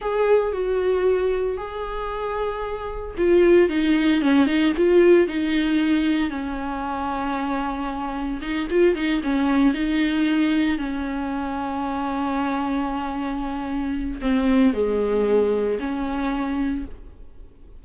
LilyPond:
\new Staff \with { instrumentName = "viola" } { \time 4/4 \tempo 4 = 114 gis'4 fis'2 gis'4~ | gis'2 f'4 dis'4 | cis'8 dis'8 f'4 dis'2 | cis'1 |
dis'8 f'8 dis'8 cis'4 dis'4.~ | dis'8 cis'2.~ cis'8~ | cis'2. c'4 | gis2 cis'2 | }